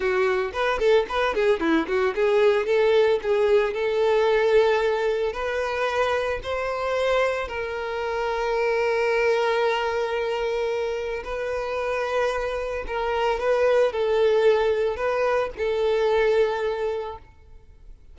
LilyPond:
\new Staff \with { instrumentName = "violin" } { \time 4/4 \tempo 4 = 112 fis'4 b'8 a'8 b'8 gis'8 e'8 fis'8 | gis'4 a'4 gis'4 a'4~ | a'2 b'2 | c''2 ais'2~ |
ais'1~ | ais'4 b'2. | ais'4 b'4 a'2 | b'4 a'2. | }